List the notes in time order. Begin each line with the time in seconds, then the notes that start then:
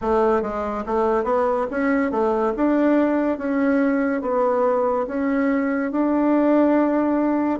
0.01 A3
0.42 G#3
0.86 A3
1.24 B3
1.71 C#4
2.11 A3
2.56 D4
3.38 C#4
4.21 B3
5.07 C#4
5.91 D4